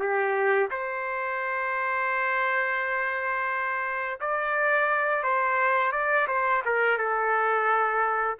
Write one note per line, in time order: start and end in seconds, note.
0.00 0.70 G4
0.71 4.20 C5
4.21 5.23 D5
5.23 5.93 C5
5.93 6.28 D5
6.28 6.63 C5
6.65 6.98 A#4
6.98 8.38 A4